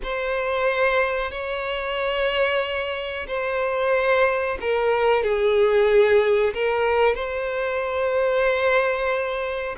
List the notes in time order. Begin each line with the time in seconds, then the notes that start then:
0.03 C5
1.31 C#5
3.27 C5
4.60 A#4
5.23 G#4
6.54 A#4
7.14 C5